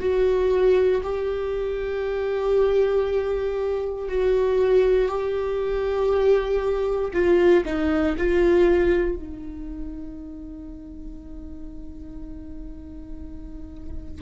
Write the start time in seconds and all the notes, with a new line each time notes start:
0.00 F#4
1.03 G4
4.09 F#4
5.08 G4
7.13 F4
7.65 D#4
8.18 F4
9.16 D#4